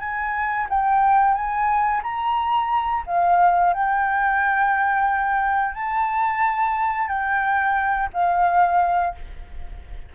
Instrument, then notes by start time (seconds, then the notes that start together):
flute
0.00 G#5
0.70 G5
1.35 G#5
2.03 A#5
3.06 F5
3.74 G5
5.75 A5
7.08 G5
8.14 F5